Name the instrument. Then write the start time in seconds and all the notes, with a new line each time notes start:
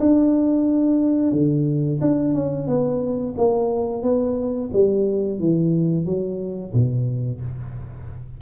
tuba
0.00 D4
1.32 D3
2.01 D4
2.34 C#4
2.68 B3
3.38 A#3
4.03 B3
4.73 G3
5.40 E3
6.06 F#3
6.74 B2